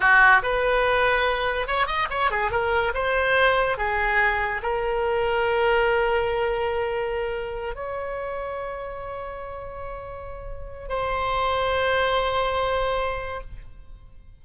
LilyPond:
\new Staff \with { instrumentName = "oboe" } { \time 4/4 \tempo 4 = 143 fis'4 b'2. | cis''8 dis''8 cis''8 gis'8 ais'4 c''4~ | c''4 gis'2 ais'4~ | ais'1~ |
ais'2~ ais'8 cis''4.~ | cis''1~ | cis''2 c''2~ | c''1 | }